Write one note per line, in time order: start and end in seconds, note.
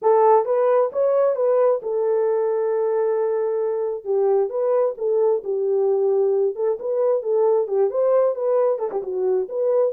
0.01 0.45 A4
0.45 0.90 B4
0.92 1.35 C#5
1.35 1.80 B4
1.82 4.04 A4
4.04 4.49 G4
4.49 4.94 B4
4.97 5.42 A4
5.44 6.55 G4
6.55 6.78 A4
6.79 7.22 B4
7.22 7.67 A4
7.67 7.90 G4
7.90 8.35 C5
8.35 8.78 B4
8.78 8.90 A4
8.91 9.02 G4
9.02 9.47 F#4
9.48 9.93 B4